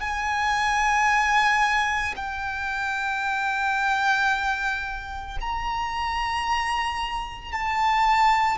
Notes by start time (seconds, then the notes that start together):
0.00 G#5
2.16 G5
5.41 A#5
7.52 A5